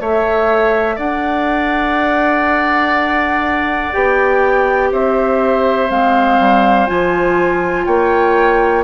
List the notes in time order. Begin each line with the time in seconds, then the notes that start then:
0.00 A3 A4 C#5 E5
0.95 D4 D5 F#5
3.92 B3 G4 G5
4.92 C4 C5 E5
5.89 G#3 C4 F5
6.39 G3
6.86 F3 F4 G#5
7.85 A#3 C#5 G5